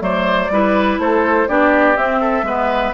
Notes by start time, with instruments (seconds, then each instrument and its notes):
0.00 bassoon F#3, clarinet A3, oboe C5, flute D5
0.50 bassoon G3, clarinet E4, oboe B4
0.99 bassoon A3, oboe A4, flute C5
1.48 bassoon B3, clarinet D4, oboe G4, flute D5
1.97 bassoon C4, clarinet C4, flute E5
2.21 oboe A4
2.43 bassoon G#3, clarinet B3, oboe B4